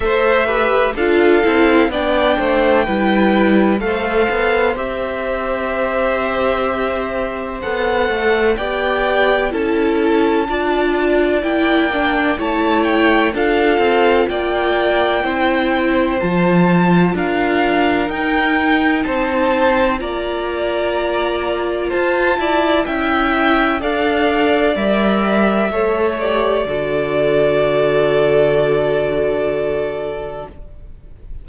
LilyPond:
<<
  \new Staff \with { instrumentName = "violin" } { \time 4/4 \tempo 4 = 63 e''4 f''4 g''2 | f''4 e''2. | fis''4 g''4 a''2 | g''4 a''8 g''8 f''4 g''4~ |
g''4 a''4 f''4 g''4 | a''4 ais''2 a''4 | g''4 f''4 e''4. d''8~ | d''1 | }
  \new Staff \with { instrumentName = "violin" } { \time 4/4 c''8 b'8 a'4 d''8 c''8 b'4 | c''1~ | c''4 d''4 a'4 d''4~ | d''4 cis''4 a'4 d''4 |
c''2 ais'2 | c''4 d''2 c''8 d''8 | e''4 d''2 cis''4 | a'1 | }
  \new Staff \with { instrumentName = "viola" } { \time 4/4 a'8 g'8 f'8 e'8 d'4 e'4 | a'4 g'2. | a'4 g'4 e'4 f'4 | e'8 d'8 e'4 f'2 |
e'4 f'2 dis'4~ | dis'4 f'2. | e'4 a'4 ais'4 a'8 g'8 | fis'1 | }
  \new Staff \with { instrumentName = "cello" } { \time 4/4 a4 d'8 c'8 b8 a8 g4 | a8 b8 c'2. | b8 a8 b4 cis'4 d'4 | ais4 a4 d'8 c'8 ais4 |
c'4 f4 d'4 dis'4 | c'4 ais2 f'8 e'8 | cis'4 d'4 g4 a4 | d1 | }
>>